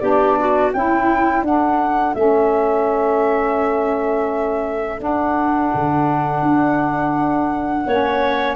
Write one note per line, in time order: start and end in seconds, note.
0.00 0.73 B3
0.00 0.72 D4
0.00 0.38 G4
0.00 0.71 D5
0.40 0.76 F#4
0.73 1.43 C#4
0.73 1.46 E4
0.73 1.43 E4
0.73 1.45 G5
1.43 2.14 D4
1.43 7.86 A4
1.43 2.15 F#5
2.14 5.00 A3
2.14 4.98 C#4
2.14 5.01 E5
4.98 7.83 D4
4.98 5.72 D4
4.98 8.56 F#5
5.75 6.43 D3
6.43 7.86 D4
7.87 8.56 A#3
7.87 8.56 C#4
7.87 8.56 C#5